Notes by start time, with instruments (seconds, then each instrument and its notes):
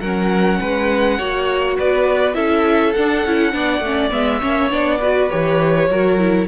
0.00 cello F#3, viola C#4, violin A#4 F#5
0.60 cello G#3, violin B4
1.18 cello A#3, viola F#4, violin C#5
1.77 cello B3, violin B4 D5
2.33 cello C#4, viola E4, violin A4 E5
2.93 cello D4, viola D4, violin F#5
3.25 cello C#4, viola E4
3.52 cello B3, viola D4, violin D5
3.79 cello A3, viola C#4
4.11 cello G#3, viola B3, violin E5
4.39 cello A#3, viola C#4, violin C#5
4.69 cello B3, viola D4, violin D5
5.00 viola F#4, violin B4
5.29 cello E3, viola G4, violin C#5
5.89 cello F#3, viola F#4, violin A#4
6.18 viola E4